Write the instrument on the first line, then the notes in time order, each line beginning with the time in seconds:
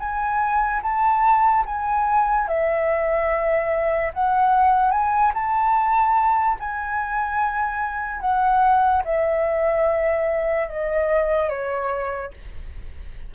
flute
0.00 G#5
0.83 A5
1.66 G#5
2.48 E5
4.14 F#5
4.91 G#5
5.34 A5
6.60 G#5
8.21 F#5
9.04 E5
10.68 D#5
11.50 C#5